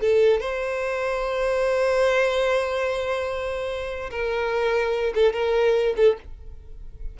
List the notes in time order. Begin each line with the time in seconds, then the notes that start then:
0.00 A4
0.40 C5
4.10 A#4
5.14 A4
5.33 A#4
5.96 A4